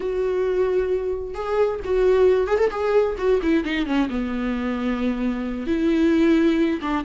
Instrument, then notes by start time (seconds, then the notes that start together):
viola
0.00 F#4
1.34 G#4
1.84 F#4
2.47 G#4
2.58 A4
2.70 G#4
3.17 F#4
3.42 E4
3.64 D#4
3.86 C#4
4.09 B3
5.66 E4
6.81 D4